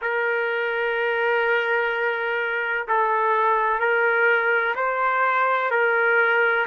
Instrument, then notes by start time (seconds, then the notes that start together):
trumpet
0.01 A#4
2.87 A4
3.79 A#4
4.75 C5
5.70 A#4